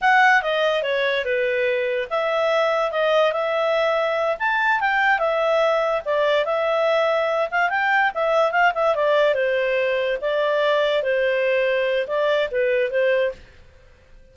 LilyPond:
\new Staff \with { instrumentName = "clarinet" } { \time 4/4 \tempo 4 = 144 fis''4 dis''4 cis''4 b'4~ | b'4 e''2 dis''4 | e''2~ e''8 a''4 g''8~ | g''8 e''2 d''4 e''8~ |
e''2 f''8 g''4 e''8~ | e''8 f''8 e''8 d''4 c''4.~ | c''8 d''2 c''4.~ | c''4 d''4 b'4 c''4 | }